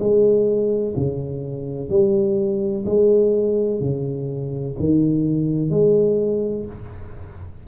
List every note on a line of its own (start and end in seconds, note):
0.00 0.95 G#3
0.97 1.90 C#3
1.90 2.85 G3
2.86 3.81 G#3
3.81 4.76 C#3
4.80 5.71 D#3
5.71 6.66 G#3